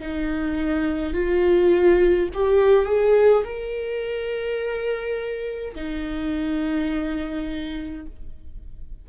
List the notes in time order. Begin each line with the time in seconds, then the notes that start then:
0.00 D#4
1.14 F4
2.34 G4
2.86 G#4
3.44 A#4
5.75 D#4